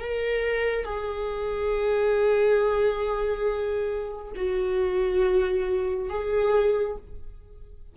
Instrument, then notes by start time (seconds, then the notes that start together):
viola
0.00 A#4
0.85 G#4
4.36 F#4
6.09 G#4